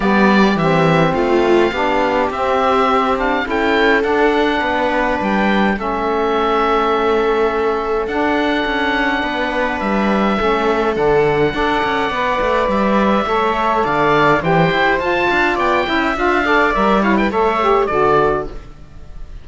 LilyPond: <<
  \new Staff \with { instrumentName = "oboe" } { \time 4/4 \tempo 4 = 104 d''4 e''4 f''2 | e''4. f''8 g''4 fis''4~ | fis''4 g''4 e''2~ | e''2 fis''2~ |
fis''4 e''2 fis''4~ | fis''2 e''2 | f''4 g''4 a''4 g''4 | f''4 e''8 f''16 g''16 e''4 d''4 | }
  \new Staff \with { instrumentName = "viola" } { \time 4/4 g'2 f'4 g'4~ | g'2 a'2 | b'2 a'2~ | a'1 |
b'2 a'2 | d''2. cis''4 | d''4 c''4. f''8 d''8 e''8~ | e''8 d''4 cis''16 b'16 cis''4 a'4 | }
  \new Staff \with { instrumentName = "saxophone" } { \time 4/4 b4 c'2 d'4 | c'4. d'8 e'4 d'4~ | d'2 cis'2~ | cis'2 d'2~ |
d'2 cis'4 d'4 | a'4 b'2 a'4~ | a'4 g'4 f'4. e'8 | f'8 a'8 ais'8 e'8 a'8 g'8 fis'4 | }
  \new Staff \with { instrumentName = "cello" } { \time 4/4 g4 e4 a4 b4 | c'2 cis'4 d'4 | b4 g4 a2~ | a2 d'4 cis'4 |
b4 g4 a4 d4 | d'8 cis'8 b8 a8 g4 a4 | d4 e8 e'8 f'8 d'8 b8 cis'8 | d'4 g4 a4 d4 | }
>>